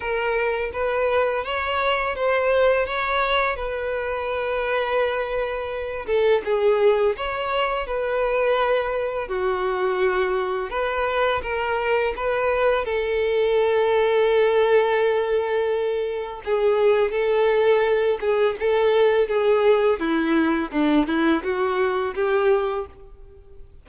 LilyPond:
\new Staff \with { instrumentName = "violin" } { \time 4/4 \tempo 4 = 84 ais'4 b'4 cis''4 c''4 | cis''4 b'2.~ | b'8 a'8 gis'4 cis''4 b'4~ | b'4 fis'2 b'4 |
ais'4 b'4 a'2~ | a'2. gis'4 | a'4. gis'8 a'4 gis'4 | e'4 d'8 e'8 fis'4 g'4 | }